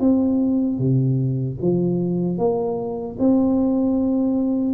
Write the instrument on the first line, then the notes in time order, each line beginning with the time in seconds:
tuba
0.00 C4
0.79 C3
1.62 F3
2.38 A#3
3.19 C4